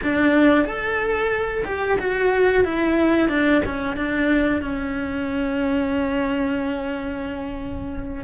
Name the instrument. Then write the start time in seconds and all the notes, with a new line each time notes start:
cello
0.03 D4
0.64 A4
1.65 G4
1.98 F#4
2.64 E4
3.28 D4
3.65 C#4
3.96 D4
4.61 C#4